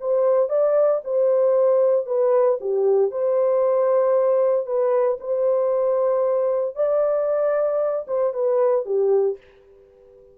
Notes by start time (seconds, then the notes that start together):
0.00 C5
0.48 D5
1.04 C5
2.06 B4
2.60 G4
3.11 C5
4.66 B4
5.20 C5
6.75 D5
8.07 C5
8.33 B4
8.85 G4